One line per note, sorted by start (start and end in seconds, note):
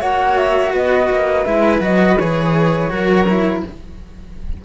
0.00 0.73 A#3
0.00 1.45 F#4
0.00 0.72 C#5
0.00 0.37 F#5
0.37 0.73 E5
0.73 1.09 B3
0.73 2.90 B4
0.73 1.44 D#5
1.10 1.46 A#3
1.44 1.80 G#3
1.44 1.81 E4
1.44 1.80 E5
1.80 2.16 F#3
1.80 2.17 F#4
1.80 2.18 D#5
2.19 2.91 E3
2.19 2.90 G#4
2.19 3.63 C#5
2.90 3.63 F#3
2.90 3.26 F#4
2.90 3.62 A#4
3.28 3.65 E4